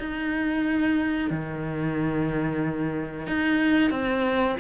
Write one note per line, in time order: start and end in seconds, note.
0.00 1.31 D#4
1.31 3.27 D#3
3.27 3.91 D#4
3.91 4.57 C4